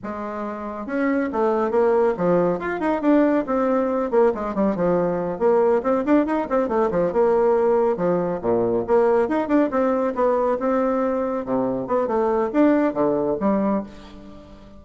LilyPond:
\new Staff \with { instrumentName = "bassoon" } { \time 4/4 \tempo 4 = 139 gis2 cis'4 a4 | ais4 f4 f'8 dis'8 d'4 | c'4. ais8 gis8 g8 f4~ | f8 ais4 c'8 d'8 dis'8 c'8 a8 |
f8 ais2 f4 ais,8~ | ais,8 ais4 dis'8 d'8 c'4 b8~ | b8 c'2 c4 b8 | a4 d'4 d4 g4 | }